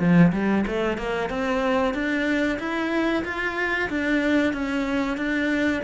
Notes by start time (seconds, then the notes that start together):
0.00 F3
0.33 G3
0.67 A3
0.98 A#3
1.30 C4
1.94 D4
2.60 E4
3.25 F4
3.90 D4
4.53 C#4
5.18 D4